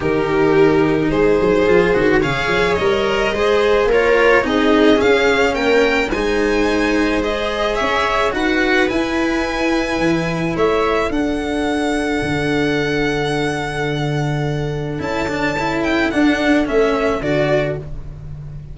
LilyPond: <<
  \new Staff \with { instrumentName = "violin" } { \time 4/4 \tempo 4 = 108 ais'2 c''2 | f''4 dis''2 cis''4 | dis''4 f''4 g''4 gis''4~ | gis''4 dis''4 e''4 fis''4 |
gis''2. e''4 | fis''1~ | fis''2. a''4~ | a''8 g''8 fis''4 e''4 d''4 | }
  \new Staff \with { instrumentName = "viola" } { \time 4/4 g'2 gis'2 | cis''2 c''4 ais'4 | gis'2 ais'4 c''4~ | c''2 cis''4 b'4~ |
b'2. cis''4 | a'1~ | a'1~ | a'1 | }
  \new Staff \with { instrumentName = "cello" } { \time 4/4 dis'2. f'8 fis'8 | gis'4 ais'4 gis'4 f'4 | dis'4 cis'2 dis'4~ | dis'4 gis'2 fis'4 |
e'1 | d'1~ | d'2. e'8 d'8 | e'4 d'4 cis'4 fis'4 | }
  \new Staff \with { instrumentName = "tuba" } { \time 4/4 dis2 gis8 fis8 f8 dis8 | cis8 f8 g4 gis4 ais4 | c'4 cis'4 ais4 gis4~ | gis2 cis'4 dis'4 |
e'2 e4 a4 | d'2 d2~ | d2. cis'4~ | cis'4 d'4 a4 d4 | }
>>